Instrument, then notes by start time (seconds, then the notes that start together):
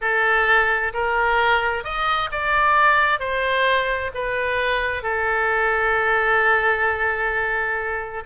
oboe
0.01 A4
0.93 A#4
1.83 D#5
2.31 D5
3.19 C5
4.14 B4
5.03 A4